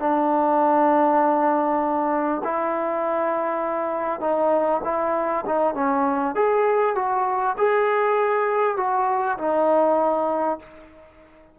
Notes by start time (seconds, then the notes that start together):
0.00 D4
2.44 E4
4.21 D#4
4.84 E4
5.46 D#4
5.75 C#4
6.36 G#4
6.96 F#4
7.58 G#4
8.77 F#4
9.38 D#4